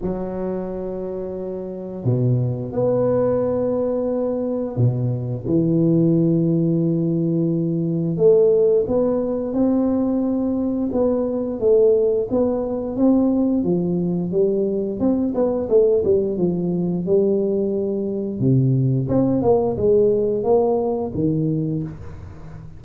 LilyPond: \new Staff \with { instrumentName = "tuba" } { \time 4/4 \tempo 4 = 88 fis2. b,4 | b2. b,4 | e1 | a4 b4 c'2 |
b4 a4 b4 c'4 | f4 g4 c'8 b8 a8 g8 | f4 g2 c4 | c'8 ais8 gis4 ais4 dis4 | }